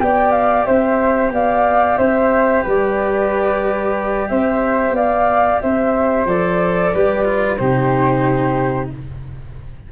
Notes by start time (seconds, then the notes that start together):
0.00 B3 G4 D5 G5
0.32 F5
0.65 C4 C5 E5
1.31 B3 D5 F5
1.98 C4 C5 E5
2.63 G3 B4 D5
4.29 C4 C5 E5
4.91 B3 D5 F5
5.62 C4 C5 E5
6.26 F3 A4 D5
6.94 G3 G4 B4
7.25 F4
7.57 C3 D#4 G4 C5